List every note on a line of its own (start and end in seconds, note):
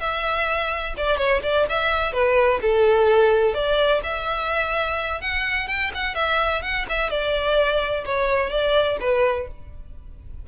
0.00 0.94 E5
0.97 1.17 D5
1.17 1.41 C#5
1.43 1.66 D5
1.69 2.13 E5
2.13 2.60 B4
2.61 3.54 A4
3.54 4.01 D5
4.03 5.21 E5
5.21 5.68 F#5
5.68 5.91 G5
5.94 6.15 F#5
6.15 6.62 E5
6.62 6.86 F#5
6.89 7.10 E5
7.10 8.04 D5
8.05 8.50 C#5
8.50 8.97 D5
9.00 9.48 B4